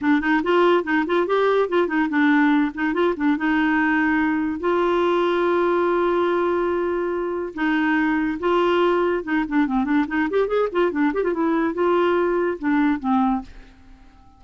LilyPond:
\new Staff \with { instrumentName = "clarinet" } { \time 4/4 \tempo 4 = 143 d'8 dis'8 f'4 dis'8 f'8 g'4 | f'8 dis'8 d'4. dis'8 f'8 d'8 | dis'2. f'4~ | f'1~ |
f'2 dis'2 | f'2 dis'8 d'8 c'8 d'8 | dis'8 g'8 gis'8 f'8 d'8 g'16 f'16 e'4 | f'2 d'4 c'4 | }